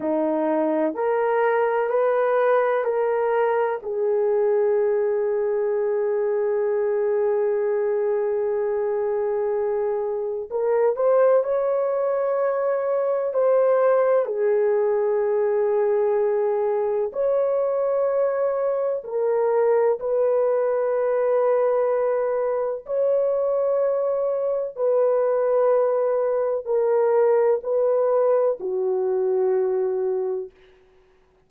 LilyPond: \new Staff \with { instrumentName = "horn" } { \time 4/4 \tempo 4 = 63 dis'4 ais'4 b'4 ais'4 | gis'1~ | gis'2. ais'8 c''8 | cis''2 c''4 gis'4~ |
gis'2 cis''2 | ais'4 b'2. | cis''2 b'2 | ais'4 b'4 fis'2 | }